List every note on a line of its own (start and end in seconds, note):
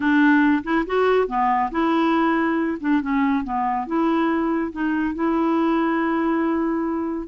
0.00 0.63 D4
0.63 0.85 E4
0.86 1.27 F#4
1.27 1.70 B3
1.71 2.78 E4
2.80 3.01 D4
3.01 3.43 C#4
3.43 3.86 B3
3.86 4.71 E4
4.71 5.14 D#4
5.14 7.28 E4